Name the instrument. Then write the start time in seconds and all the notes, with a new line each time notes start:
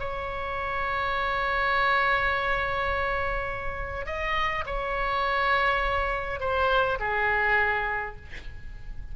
oboe
0.00 C#5
4.07 D#5
4.67 C#5
6.41 C5
7.00 G#4